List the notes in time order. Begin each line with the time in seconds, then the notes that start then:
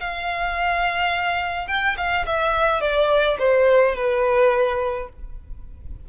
0.00 F5
1.68 G5
1.97 F5
2.26 E5
2.81 D5
3.39 C5
3.95 B4